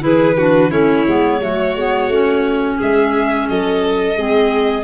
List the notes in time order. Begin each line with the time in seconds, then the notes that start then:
0.00 E3 E4 G#4 B4
0.37 D4 F#4
0.70 A3 C#4 E4 C#5
1.07 G#3 B3
1.40 F#3 A3 F#4
1.75 G#3 B3
2.08 A3 C#4
2.77 G#3 G#4 E5
3.48 F#3 A4 D#5
4.16 G#3 C4 G#4